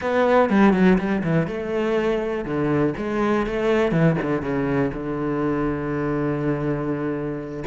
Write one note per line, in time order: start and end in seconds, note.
0.01 0.49 B3
0.49 0.73 G3
0.73 0.97 F#3
0.98 1.23 G3
1.23 1.47 E3
1.47 2.44 A3
2.44 2.94 D3
2.97 3.46 G#3
3.46 3.91 A3
3.91 4.16 E3
4.21 4.42 D3
4.42 4.91 C#3
4.93 7.63 D3